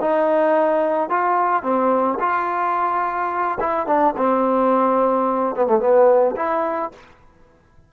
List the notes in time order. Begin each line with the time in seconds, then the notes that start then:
0.00 D#4
1.09 F4
1.63 C4
2.19 F4
3.60 E4
3.87 D4
4.17 C4
5.56 B3
5.66 A3
5.80 B3
6.36 E4